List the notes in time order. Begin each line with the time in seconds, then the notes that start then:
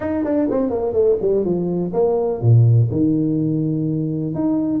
0.00 D#4
0.24 D4
0.50 C4
0.70 A#3
0.93 A3
1.21 G3
1.44 F3
1.93 A#3
2.41 A#2
2.91 D#3
4.34 D#4